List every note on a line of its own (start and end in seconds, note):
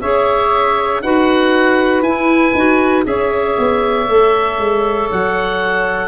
0.00 1.02 C#4
0.00 1.03 G#4
0.00 1.02 C#5
0.00 1.01 E5
1.01 2.01 D#4
1.01 2.05 F#4
1.01 3.06 B4
1.01 2.02 F#5
2.01 2.52 E4
2.01 2.56 E4
2.01 3.04 G#5
2.54 3.05 D#4
2.54 3.04 F#4
3.04 3.57 C#4
3.04 4.06 G#4
3.04 6.07 C#5
3.04 5.09 E5
3.58 4.08 B3
4.08 4.58 A3
4.08 6.07 A4
4.58 5.09 G#3
5.11 6.07 F#3
5.11 6.07 F#5